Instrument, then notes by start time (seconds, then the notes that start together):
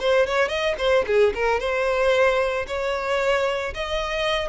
violin
0.00 C5
0.27 C#5
0.49 D#5
0.78 C5
1.07 G#4
1.34 A#4
1.60 C5
2.68 C#5
3.74 D#5